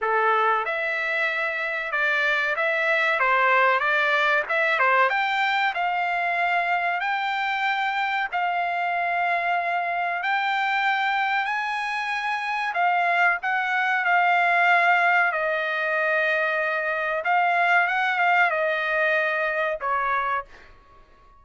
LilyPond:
\new Staff \with { instrumentName = "trumpet" } { \time 4/4 \tempo 4 = 94 a'4 e''2 d''4 | e''4 c''4 d''4 e''8 c''8 | g''4 f''2 g''4~ | g''4 f''2. |
g''2 gis''2 | f''4 fis''4 f''2 | dis''2. f''4 | fis''8 f''8 dis''2 cis''4 | }